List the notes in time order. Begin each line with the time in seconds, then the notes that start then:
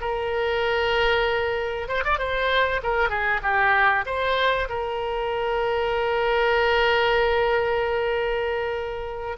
0.00 A#4
1.88 C5
2.04 D5
2.18 C5
2.82 A#4
3.09 G#4
3.42 G4
4.05 C5
4.69 A#4